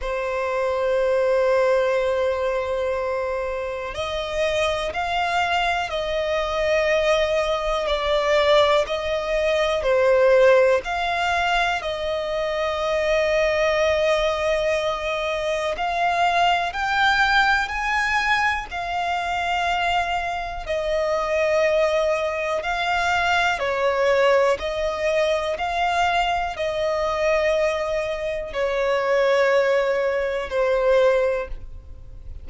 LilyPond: \new Staff \with { instrumentName = "violin" } { \time 4/4 \tempo 4 = 61 c''1 | dis''4 f''4 dis''2 | d''4 dis''4 c''4 f''4 | dis''1 |
f''4 g''4 gis''4 f''4~ | f''4 dis''2 f''4 | cis''4 dis''4 f''4 dis''4~ | dis''4 cis''2 c''4 | }